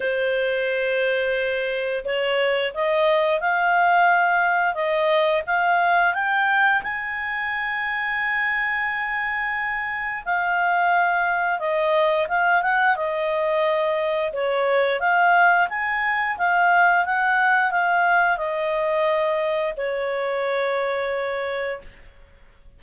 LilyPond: \new Staff \with { instrumentName = "clarinet" } { \time 4/4 \tempo 4 = 88 c''2. cis''4 | dis''4 f''2 dis''4 | f''4 g''4 gis''2~ | gis''2. f''4~ |
f''4 dis''4 f''8 fis''8 dis''4~ | dis''4 cis''4 f''4 gis''4 | f''4 fis''4 f''4 dis''4~ | dis''4 cis''2. | }